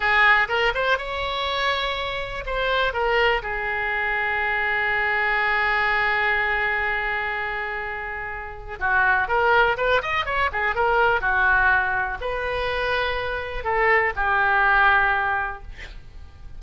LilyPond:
\new Staff \with { instrumentName = "oboe" } { \time 4/4 \tempo 4 = 123 gis'4 ais'8 c''8 cis''2~ | cis''4 c''4 ais'4 gis'4~ | gis'1~ | gis'1~ |
gis'2 fis'4 ais'4 | b'8 dis''8 cis''8 gis'8 ais'4 fis'4~ | fis'4 b'2. | a'4 g'2. | }